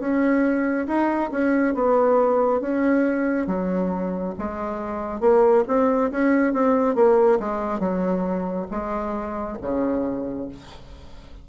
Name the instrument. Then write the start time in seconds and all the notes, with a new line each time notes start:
bassoon
0.00 C#4
0.87 D#4
1.32 C#4
1.75 B3
2.61 C#4
3.47 F#3
4.39 G#3
5.21 A#3
5.68 C4
6.12 C#4
6.54 C4
6.96 A#3
7.40 G#3
7.80 F#3
8.71 G#3
9.62 C#3